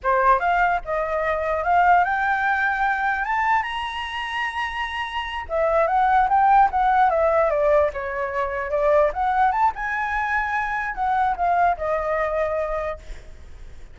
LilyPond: \new Staff \with { instrumentName = "flute" } { \time 4/4 \tempo 4 = 148 c''4 f''4 dis''2 | f''4 g''2. | a''4 ais''2.~ | ais''4. e''4 fis''4 g''8~ |
g''8 fis''4 e''4 d''4 cis''8~ | cis''4. d''4 fis''4 a''8 | gis''2. fis''4 | f''4 dis''2. | }